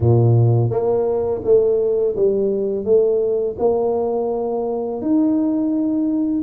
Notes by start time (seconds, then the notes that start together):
0.00 A#2
0.70 A#3
1.44 A3
2.16 G3
2.84 A3
3.58 A#3
5.01 D#4